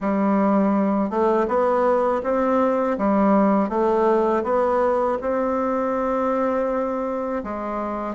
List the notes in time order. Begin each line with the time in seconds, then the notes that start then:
0.00 G3
1.09 A3
1.47 B3
2.23 C4
2.98 G3
3.69 A3
4.43 B3
5.21 C4
7.43 G#3